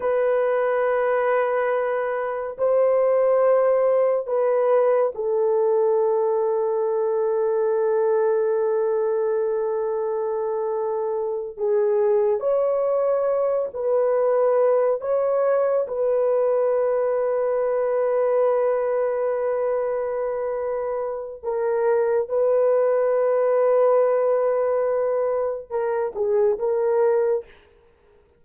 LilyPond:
\new Staff \with { instrumentName = "horn" } { \time 4/4 \tempo 4 = 70 b'2. c''4~ | c''4 b'4 a'2~ | a'1~ | a'4. gis'4 cis''4. |
b'4. cis''4 b'4.~ | b'1~ | b'4 ais'4 b'2~ | b'2 ais'8 gis'8 ais'4 | }